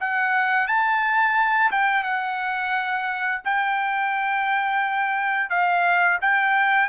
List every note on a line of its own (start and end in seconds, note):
0.00 0.67 F#5
0.67 1.71 A5
1.71 2.03 G5
2.03 3.41 F#5
3.45 5.50 G5
5.50 6.18 F5
6.21 6.89 G5